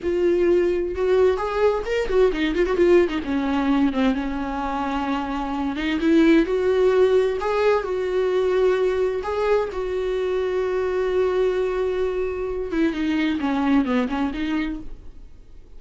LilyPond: \new Staff \with { instrumentName = "viola" } { \time 4/4 \tempo 4 = 130 f'2 fis'4 gis'4 | ais'8 fis'8 dis'8 f'16 fis'16 f'8. dis'16 cis'4~ | cis'8 c'8 cis'2.~ | cis'8 dis'8 e'4 fis'2 |
gis'4 fis'2. | gis'4 fis'2.~ | fis'2.~ fis'8 e'8 | dis'4 cis'4 b8 cis'8 dis'4 | }